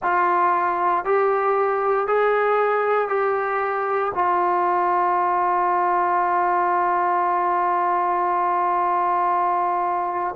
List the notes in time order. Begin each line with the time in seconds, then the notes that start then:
0.03 F4
1.04 G4
2.07 G#4
3.08 G4
4.14 F4